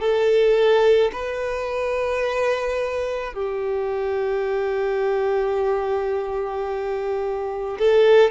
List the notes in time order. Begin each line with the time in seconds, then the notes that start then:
0.00 A4
1.13 B4
3.34 G4
7.79 A4